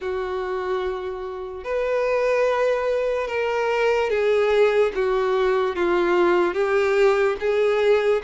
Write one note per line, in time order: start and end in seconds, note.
0.00 1.64 F#4
1.64 3.27 B4
3.27 4.09 A#4
4.09 4.92 G#4
4.94 5.75 F#4
5.75 6.54 F4
6.54 7.36 G4
7.40 8.22 G#4